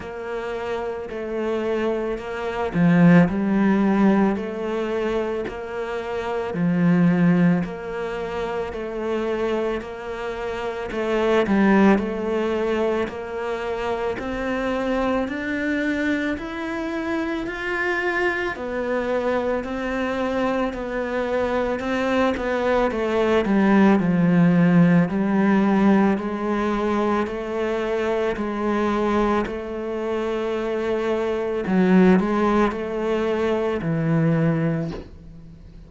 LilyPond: \new Staff \with { instrumentName = "cello" } { \time 4/4 \tempo 4 = 55 ais4 a4 ais8 f8 g4 | a4 ais4 f4 ais4 | a4 ais4 a8 g8 a4 | ais4 c'4 d'4 e'4 |
f'4 b4 c'4 b4 | c'8 b8 a8 g8 f4 g4 | gis4 a4 gis4 a4~ | a4 fis8 gis8 a4 e4 | }